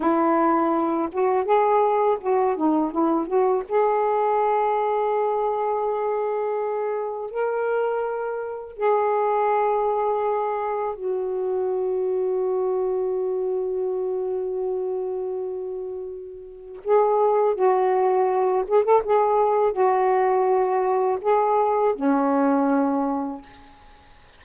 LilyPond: \new Staff \with { instrumentName = "saxophone" } { \time 4/4 \tempo 4 = 82 e'4. fis'8 gis'4 fis'8 dis'8 | e'8 fis'8 gis'2.~ | gis'2 ais'2 | gis'2. fis'4~ |
fis'1~ | fis'2. gis'4 | fis'4. gis'16 a'16 gis'4 fis'4~ | fis'4 gis'4 cis'2 | }